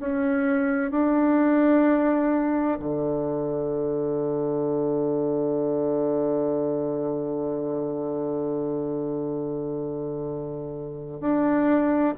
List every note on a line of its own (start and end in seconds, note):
0.00 0.91 C#4
0.91 2.79 D4
2.80 11.21 D3
11.21 12.14 D4